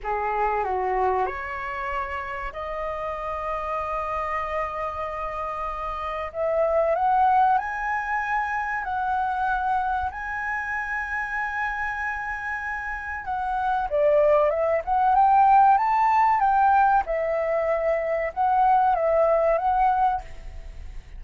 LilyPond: \new Staff \with { instrumentName = "flute" } { \time 4/4 \tempo 4 = 95 gis'4 fis'4 cis''2 | dis''1~ | dis''2 e''4 fis''4 | gis''2 fis''2 |
gis''1~ | gis''4 fis''4 d''4 e''8 fis''8 | g''4 a''4 g''4 e''4~ | e''4 fis''4 e''4 fis''4 | }